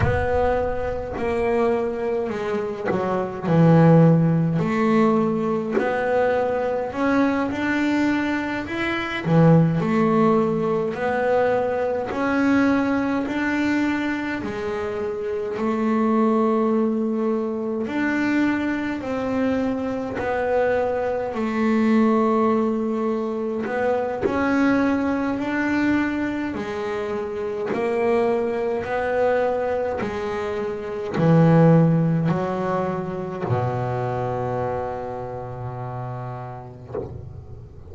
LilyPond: \new Staff \with { instrumentName = "double bass" } { \time 4/4 \tempo 4 = 52 b4 ais4 gis8 fis8 e4 | a4 b4 cis'8 d'4 e'8 | e8 a4 b4 cis'4 d'8~ | d'8 gis4 a2 d'8~ |
d'8 c'4 b4 a4.~ | a8 b8 cis'4 d'4 gis4 | ais4 b4 gis4 e4 | fis4 b,2. | }